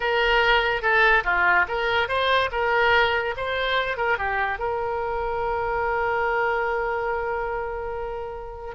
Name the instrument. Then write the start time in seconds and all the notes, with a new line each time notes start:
oboe
0.00 A#4
0.81 A4
1.24 F4
1.67 A#4
2.08 C5
2.51 A#4
3.36 C5
3.97 A#4
4.18 G4
4.59 A#4